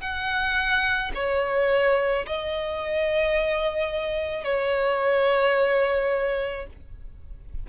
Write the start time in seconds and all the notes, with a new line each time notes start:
0.00 F#5
1.14 C#5
2.26 D#5
4.44 C#5